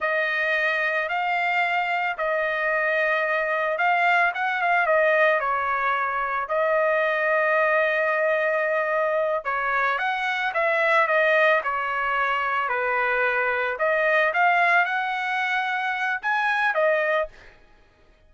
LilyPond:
\new Staff \with { instrumentName = "trumpet" } { \time 4/4 \tempo 4 = 111 dis''2 f''2 | dis''2. f''4 | fis''8 f''8 dis''4 cis''2 | dis''1~ |
dis''4. cis''4 fis''4 e''8~ | e''8 dis''4 cis''2 b'8~ | b'4. dis''4 f''4 fis''8~ | fis''2 gis''4 dis''4 | }